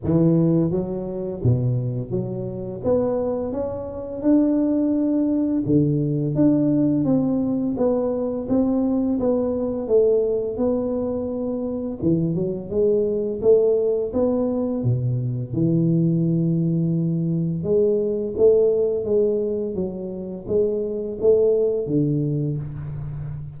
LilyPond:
\new Staff \with { instrumentName = "tuba" } { \time 4/4 \tempo 4 = 85 e4 fis4 b,4 fis4 | b4 cis'4 d'2 | d4 d'4 c'4 b4 | c'4 b4 a4 b4~ |
b4 e8 fis8 gis4 a4 | b4 b,4 e2~ | e4 gis4 a4 gis4 | fis4 gis4 a4 d4 | }